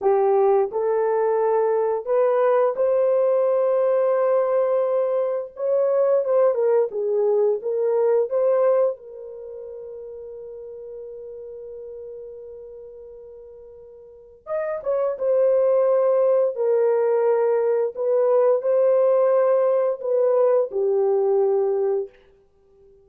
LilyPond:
\new Staff \with { instrumentName = "horn" } { \time 4/4 \tempo 4 = 87 g'4 a'2 b'4 | c''1 | cis''4 c''8 ais'8 gis'4 ais'4 | c''4 ais'2.~ |
ais'1~ | ais'4 dis''8 cis''8 c''2 | ais'2 b'4 c''4~ | c''4 b'4 g'2 | }